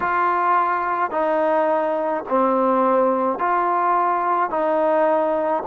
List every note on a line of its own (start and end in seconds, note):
0.00 1.10 F4
1.10 2.24 D#4
2.28 3.39 C4
3.39 4.50 F4
4.50 5.63 D#4